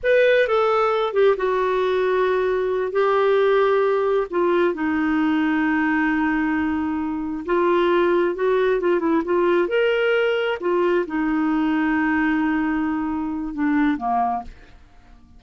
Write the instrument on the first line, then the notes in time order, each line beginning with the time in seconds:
clarinet
0.03 B4
0.47 A4
1.13 G4
1.36 F#4
2.91 G4
4.30 F4
4.74 D#4
7.45 F4
8.35 F#4
8.80 F4
8.99 E4
9.25 F4
9.67 A#4
10.60 F4
11.06 D#4
13.54 D4
13.97 A#3